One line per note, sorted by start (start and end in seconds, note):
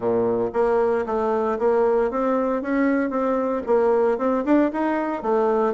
0.00 0.50 A#2
0.53 1.05 A#3
1.06 1.58 A3
1.58 2.10 A#3
2.10 2.62 C4
2.62 3.09 C#4
3.09 3.62 C4
3.66 4.17 A#3
4.17 4.43 C4
4.44 4.71 D4
4.72 5.22 D#4
5.22 5.73 A3